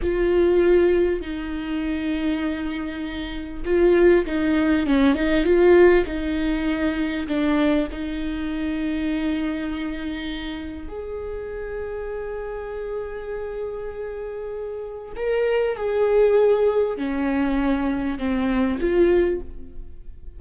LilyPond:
\new Staff \with { instrumentName = "viola" } { \time 4/4 \tempo 4 = 99 f'2 dis'2~ | dis'2 f'4 dis'4 | cis'8 dis'8 f'4 dis'2 | d'4 dis'2.~ |
dis'2 gis'2~ | gis'1~ | gis'4 ais'4 gis'2 | cis'2 c'4 f'4 | }